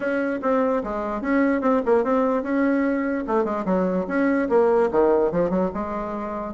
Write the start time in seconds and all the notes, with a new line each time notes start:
0.00 C#4
0.42 C4
0.83 G#3
1.21 C#4
1.61 C4
1.85 A#3
2.04 C4
2.42 C#4
3.27 A3
3.44 G#3
3.65 F#3
4.07 C#4
4.49 A#3
4.91 D#3
5.31 F3
5.50 F#3
5.73 G#3